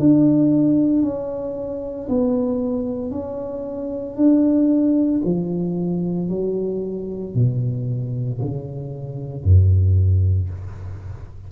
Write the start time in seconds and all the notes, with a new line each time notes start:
0.00 D4
1.03 C#4
2.09 B3
3.11 C#4
4.16 D4
5.25 F3
6.30 F#3
7.35 B2
8.42 C#3
9.44 F#2